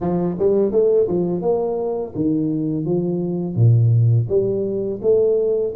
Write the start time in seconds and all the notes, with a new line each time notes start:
0.01 F3
0.39 G3
0.71 A3
1.07 F3
1.41 A#3
2.15 D#3
2.85 F3
3.55 A#2
4.29 G3
5.02 A3